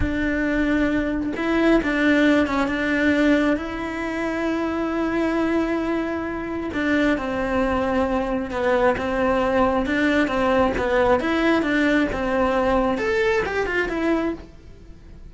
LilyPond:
\new Staff \with { instrumentName = "cello" } { \time 4/4 \tempo 4 = 134 d'2. e'4 | d'4. cis'8 d'2 | e'1~ | e'2. d'4 |
c'2. b4 | c'2 d'4 c'4 | b4 e'4 d'4 c'4~ | c'4 a'4 g'8 f'8 e'4 | }